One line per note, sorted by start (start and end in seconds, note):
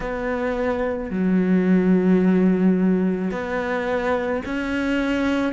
0.00 1.10 B3
1.10 3.31 F#3
3.31 4.42 B3
4.45 5.53 C#4